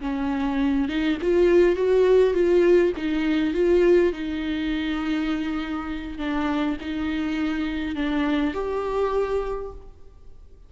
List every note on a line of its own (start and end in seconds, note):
0.00 0.88 C#4
0.88 1.18 D#4
1.21 1.75 F4
1.75 2.33 F#4
2.33 2.92 F4
2.96 3.54 D#4
3.54 4.12 F4
4.12 6.18 D#4
6.18 6.76 D4
6.80 7.95 D#4
7.95 8.53 D4
8.53 9.71 G4